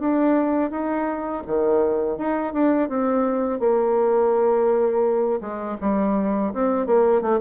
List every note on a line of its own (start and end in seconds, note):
0.00 0.71 D4
0.71 1.43 D#4
1.47 2.18 D#3
2.18 2.54 D#4
2.54 2.89 D4
2.89 3.60 C4
3.60 5.41 A#3
5.41 5.77 G#3
5.81 6.54 G3
6.54 6.87 C4
6.87 7.22 A#3
7.22 7.40 A3